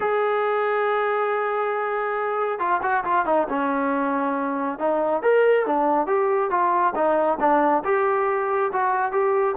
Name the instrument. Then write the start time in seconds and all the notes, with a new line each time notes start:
trombone
0.00 G#4
2.59 F4
2.82 F#4
3.04 F4
3.25 D#4
3.49 C#4
4.78 D#4
5.22 A#4
5.66 D4
6.07 G4
6.50 F4
6.95 D#4
7.40 D4
7.84 G4
8.72 F#4
9.11 G4